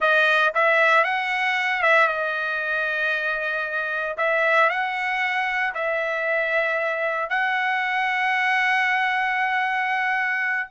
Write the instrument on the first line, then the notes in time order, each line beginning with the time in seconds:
trumpet
0.00 D#5
0.54 E5
1.04 F#5
1.82 E5
2.07 D#5
4.17 E5
4.69 F#5
5.74 E5
7.29 F#5